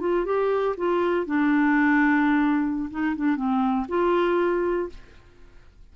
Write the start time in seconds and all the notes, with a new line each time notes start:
0.00 F4
0.25 G4
0.77 F4
1.26 D4
2.90 D#4
3.16 D4
3.36 C4
3.88 F4